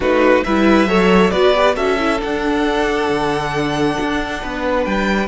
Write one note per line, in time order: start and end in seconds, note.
0.00 0.42 A3
0.00 0.44 D#4
0.00 0.44 F#4
0.00 0.44 B4
0.44 0.86 G3
0.44 0.87 E4
0.44 0.88 B4
0.44 1.30 E5
0.86 1.30 F#3
0.86 1.31 A4
0.86 1.31 C#5
1.30 1.76 B3
1.30 1.53 F#4
1.30 1.75 B4
1.30 1.74 D5
1.55 1.75 G4
1.75 2.20 C#4
1.75 1.97 F#4
1.75 4.40 A4
1.75 2.20 E5
1.98 2.18 E4
2.18 5.27 D4
2.18 3.09 D4
2.18 4.84 F#5
3.09 3.97 D3
4.00 4.43 D4
4.41 4.86 B3
4.41 5.27 B4
4.84 5.27 G3
4.84 5.27 G5